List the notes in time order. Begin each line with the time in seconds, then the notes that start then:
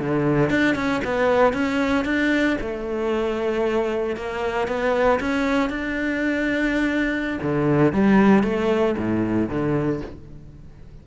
0.00 D3
0.51 D4
0.75 C#4
1.05 B3
1.54 C#4
2.05 D4
2.61 A3
4.17 A#3
4.68 B3
5.21 C#4
5.70 D4
7.43 D3
7.93 G3
8.44 A3
8.98 A2
9.50 D3